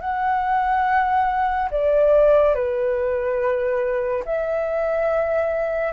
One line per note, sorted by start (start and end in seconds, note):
0.00 1.69 F#5
1.71 2.55 D5
2.55 4.24 B4
4.25 5.93 E5